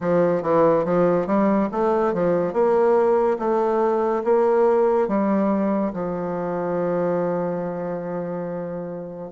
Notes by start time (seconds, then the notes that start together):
0.00 F3
0.42 E3
0.85 F3
1.27 G3
1.71 A3
2.14 F3
2.53 A#3
3.38 A3
4.24 A#3
5.07 G3
5.93 F3